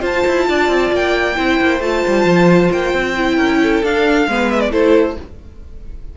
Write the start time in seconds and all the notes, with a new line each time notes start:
0.00 F4 C5 A5
0.27 E4
0.49 D4 D5
0.68 C4
0.92 A#3 G5
1.35 C4 E4 C5
1.61 A#3
1.80 A3 F4 A5
2.07 G3
2.24 F3
2.72 A#3 G5
2.93 C4
3.16 E4
3.35 C#4 A#4
3.62 A4
3.83 D4 F5
4.27 G#3 B3 B4
4.51 E5
4.60 D5
4.71 A3 E4 A4 C5